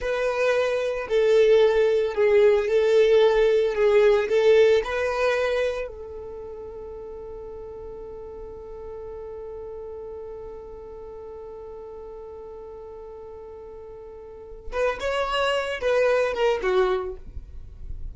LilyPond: \new Staff \with { instrumentName = "violin" } { \time 4/4 \tempo 4 = 112 b'2 a'2 | gis'4 a'2 gis'4 | a'4 b'2 a'4~ | a'1~ |
a'1~ | a'1~ | a'2.~ a'8 b'8 | cis''4. b'4 ais'8 fis'4 | }